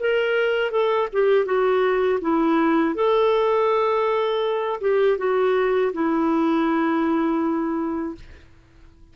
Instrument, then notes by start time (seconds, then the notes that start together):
clarinet
0.00 A#4
0.71 A4
1.13 G4
1.45 F#4
2.21 E4
2.95 A4
4.80 G4
5.18 F#4
5.93 E4